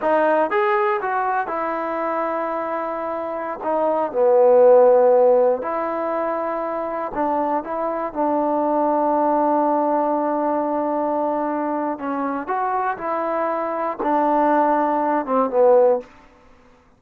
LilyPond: \new Staff \with { instrumentName = "trombone" } { \time 4/4 \tempo 4 = 120 dis'4 gis'4 fis'4 e'4~ | e'2.~ e'16 dis'8.~ | dis'16 b2. e'8.~ | e'2~ e'16 d'4 e'8.~ |
e'16 d'2.~ d'8.~ | d'1 | cis'4 fis'4 e'2 | d'2~ d'8 c'8 b4 | }